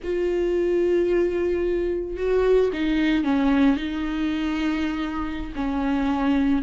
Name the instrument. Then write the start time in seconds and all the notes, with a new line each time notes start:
viola
0.03 F4
2.16 F#4
2.72 D#4
3.23 C#4
3.76 D#4
5.55 C#4